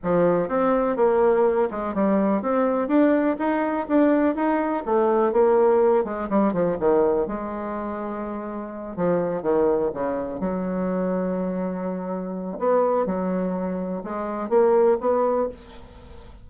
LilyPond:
\new Staff \with { instrumentName = "bassoon" } { \time 4/4 \tempo 4 = 124 f4 c'4 ais4. gis8 | g4 c'4 d'4 dis'4 | d'4 dis'4 a4 ais4~ | ais8 gis8 g8 f8 dis4 gis4~ |
gis2~ gis8 f4 dis8~ | dis8 cis4 fis2~ fis8~ | fis2 b4 fis4~ | fis4 gis4 ais4 b4 | }